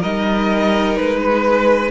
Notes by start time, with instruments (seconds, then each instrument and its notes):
0.00 cello G3, viola D#4, violin A#4 D#5
0.96 cello G#3, violin B4
1.19 violin B4